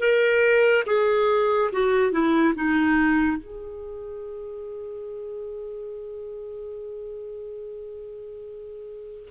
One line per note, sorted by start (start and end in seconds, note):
0.00 0.85 A#4
0.87 1.71 G#4
1.73 2.12 F#4
2.12 2.55 E4
2.55 3.38 D#4
3.38 9.29 G#4